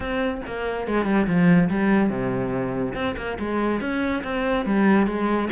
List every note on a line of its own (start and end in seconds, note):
0.00 0.41 C4
0.46 0.87 A#3
0.87 1.05 G#3
1.05 1.26 G3
1.27 1.69 F3
1.69 2.09 G3
2.09 2.94 C3
2.94 3.15 C4
3.17 3.38 A#3
3.39 3.80 G#3
3.80 4.23 C#4
4.23 4.65 C4
4.65 5.06 G3
5.06 5.49 G#3